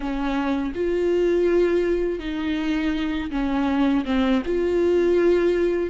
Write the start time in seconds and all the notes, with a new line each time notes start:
0.00 C#4
0.74 F4
2.19 D#4
3.30 C#4
4.05 C4
4.45 F4